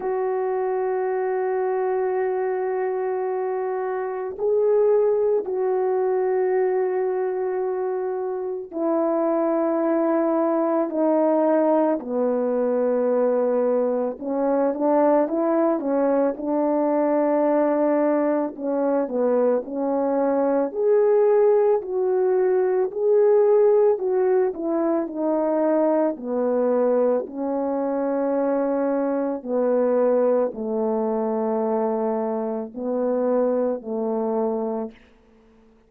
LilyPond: \new Staff \with { instrumentName = "horn" } { \time 4/4 \tempo 4 = 55 fis'1 | gis'4 fis'2. | e'2 dis'4 b4~ | b4 cis'8 d'8 e'8 cis'8 d'4~ |
d'4 cis'8 b8 cis'4 gis'4 | fis'4 gis'4 fis'8 e'8 dis'4 | b4 cis'2 b4 | a2 b4 a4 | }